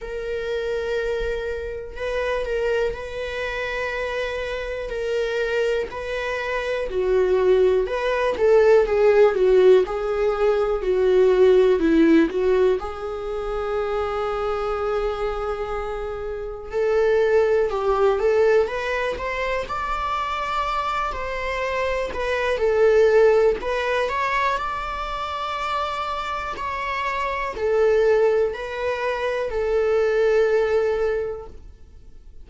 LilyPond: \new Staff \with { instrumentName = "viola" } { \time 4/4 \tempo 4 = 61 ais'2 b'8 ais'8 b'4~ | b'4 ais'4 b'4 fis'4 | b'8 a'8 gis'8 fis'8 gis'4 fis'4 | e'8 fis'8 gis'2.~ |
gis'4 a'4 g'8 a'8 b'8 c''8 | d''4. c''4 b'8 a'4 | b'8 cis''8 d''2 cis''4 | a'4 b'4 a'2 | }